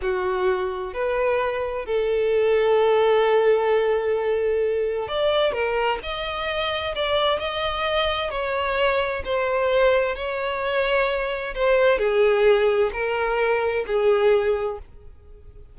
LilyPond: \new Staff \with { instrumentName = "violin" } { \time 4/4 \tempo 4 = 130 fis'2 b'2 | a'1~ | a'2. d''4 | ais'4 dis''2 d''4 |
dis''2 cis''2 | c''2 cis''2~ | cis''4 c''4 gis'2 | ais'2 gis'2 | }